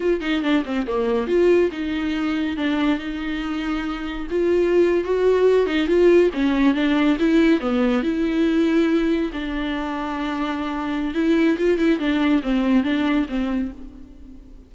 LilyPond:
\new Staff \with { instrumentName = "viola" } { \time 4/4 \tempo 4 = 140 f'8 dis'8 d'8 c'8 ais4 f'4 | dis'2 d'4 dis'4~ | dis'2 f'4.~ f'16 fis'16~ | fis'4~ fis'16 dis'8 f'4 cis'4 d'16~ |
d'8. e'4 b4 e'4~ e'16~ | e'4.~ e'16 d'2~ d'16~ | d'2 e'4 f'8 e'8 | d'4 c'4 d'4 c'4 | }